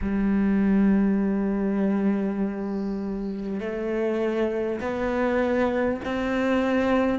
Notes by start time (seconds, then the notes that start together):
0.01 G3
3.60 A3
4.80 B3
6.04 C4